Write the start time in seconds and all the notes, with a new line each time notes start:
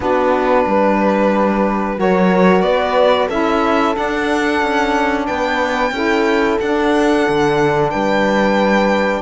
0.00 B3 D4 F#4 B4
0.66 G3 B4
1.97 F#3 F#4 A#4 C#5
2.62 B3 B4 D5
3.28 C#4 E4 A4 E5
3.93 D4 F#5
4.62 C#4
5.26 B3 B4 G5
5.91 C#4 E4 A4
6.60 D4 F#5
7.28 D3
7.90 G3 B4 G5